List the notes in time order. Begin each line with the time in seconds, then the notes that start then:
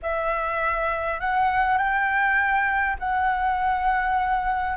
0.02 E5
1.20 F#5
1.77 G5
2.99 F#5